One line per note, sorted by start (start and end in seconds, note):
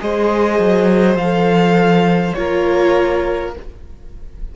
0.00 0.60 G#3
0.00 1.18 G#4
0.00 2.38 C5
0.00 1.18 D#5
0.60 1.16 F#3
1.16 2.34 F3
1.16 2.36 A4
1.16 2.34 F5
2.34 3.56 A#3
2.34 3.53 F4
2.34 3.56 A#4
2.34 3.51 C#5